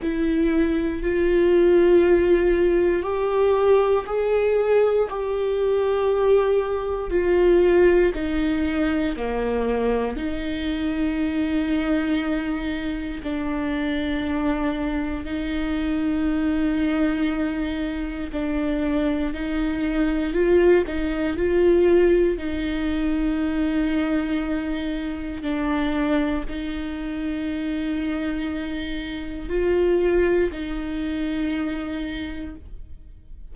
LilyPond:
\new Staff \with { instrumentName = "viola" } { \time 4/4 \tempo 4 = 59 e'4 f'2 g'4 | gis'4 g'2 f'4 | dis'4 ais4 dis'2~ | dis'4 d'2 dis'4~ |
dis'2 d'4 dis'4 | f'8 dis'8 f'4 dis'2~ | dis'4 d'4 dis'2~ | dis'4 f'4 dis'2 | }